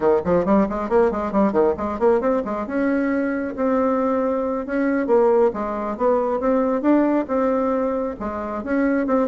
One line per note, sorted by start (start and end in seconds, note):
0.00 0.20 D#3
0.24 0.45 F3
0.45 0.67 G3
0.69 0.89 G#3
0.89 1.11 A#3
1.11 1.32 G#3
1.32 1.52 G3
1.52 1.74 D#3
1.77 1.99 G#3
1.99 2.20 A#3
2.20 2.42 C4
2.44 2.66 G#3
2.66 3.55 C#4
3.56 4.66 C4
4.66 5.07 C#4
5.07 5.51 A#3
5.53 5.97 G#3
5.97 6.40 B3
6.40 6.81 C4
6.81 7.25 D4
7.27 8.15 C4
8.19 8.63 G#3
8.63 9.07 C#4
9.07 9.28 C4